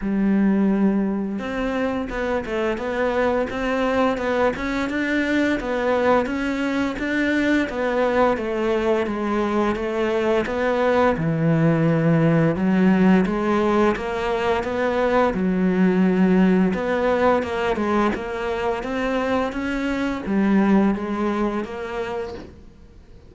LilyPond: \new Staff \with { instrumentName = "cello" } { \time 4/4 \tempo 4 = 86 g2 c'4 b8 a8 | b4 c'4 b8 cis'8 d'4 | b4 cis'4 d'4 b4 | a4 gis4 a4 b4 |
e2 fis4 gis4 | ais4 b4 fis2 | b4 ais8 gis8 ais4 c'4 | cis'4 g4 gis4 ais4 | }